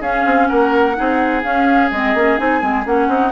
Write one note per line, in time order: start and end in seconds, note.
0.00 0.24 C#4
0.00 0.94 C#4
0.00 0.47 G#4
0.00 0.47 F5
0.25 0.49 C4
0.47 0.98 A#3
0.47 0.96 A#4
0.47 1.42 F#5
0.94 1.43 C4
0.94 1.42 D#4
0.94 3.08 G#4
1.43 1.90 C#4
1.43 1.91 C#4
1.43 1.90 F5
1.91 2.14 G#3
1.91 2.16 C4
1.91 2.37 D#5
2.14 2.37 A#3
2.14 2.37 C#4
2.37 2.62 C4
2.37 2.60 D#4
2.37 2.84 G#5
2.60 2.85 G#3
2.60 2.84 C4
2.85 3.08 A#3
2.85 3.31 C#4
2.85 3.31 F#5
3.08 3.31 C4
3.08 3.31 D#4